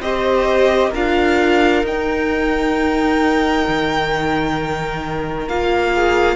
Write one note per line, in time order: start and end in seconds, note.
0.00 0.91 C4
0.00 0.93 G4
0.00 0.90 C5
0.00 0.92 D#5
0.90 1.83 D4
0.90 1.86 F4
0.90 5.90 A#4
0.90 1.86 F5
1.83 3.65 D#4
1.83 5.49 D#4
1.83 5.48 G5
3.67 5.48 D#3
5.48 6.36 A#3
5.48 6.36 F4
5.48 6.36 F5
5.95 6.36 G#4